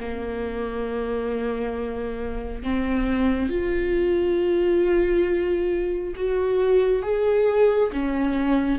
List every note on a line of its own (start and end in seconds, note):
0.00 2.63 A#3
2.63 3.49 C4
3.49 6.14 F4
6.16 7.02 F#4
7.02 7.91 G#4
7.93 8.79 C#4